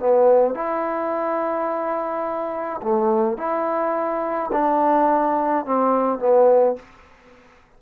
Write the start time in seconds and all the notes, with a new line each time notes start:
0.00 B3
0.55 E4
2.83 A3
3.38 E4
4.53 D4
5.66 C4
6.20 B3